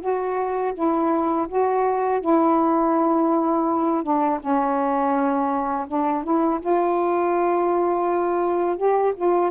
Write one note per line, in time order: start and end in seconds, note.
0.00 0.73 F#4
0.74 1.47 E4
1.48 2.21 F#4
2.21 4.03 E4
4.03 4.39 D4
4.40 5.86 C#4
5.87 6.23 D4
6.23 6.60 E4
6.61 8.77 F4
8.77 9.13 G4
9.15 9.51 F4